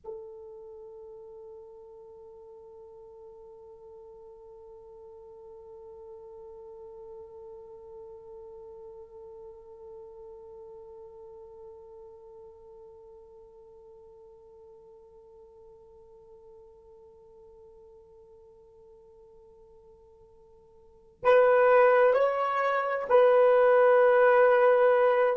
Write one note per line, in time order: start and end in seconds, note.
0.04 21.23 A4
21.23 22.13 B4
22.13 23.06 C#5
23.09 25.36 B4